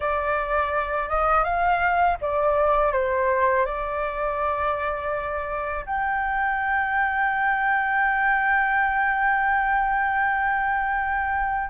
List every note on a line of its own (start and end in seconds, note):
0.00 1.08 D5
1.08 1.43 D#5
1.43 2.17 F5
2.21 2.92 D5
2.92 3.65 C5
3.65 5.85 D5
5.85 11.69 G5